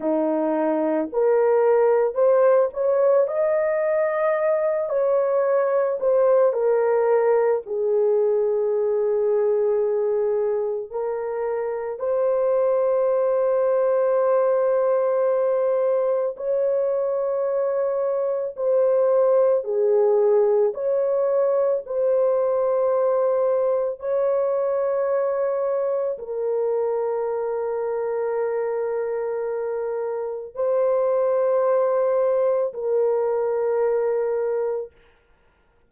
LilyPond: \new Staff \with { instrumentName = "horn" } { \time 4/4 \tempo 4 = 55 dis'4 ais'4 c''8 cis''8 dis''4~ | dis''8 cis''4 c''8 ais'4 gis'4~ | gis'2 ais'4 c''4~ | c''2. cis''4~ |
cis''4 c''4 gis'4 cis''4 | c''2 cis''2 | ais'1 | c''2 ais'2 | }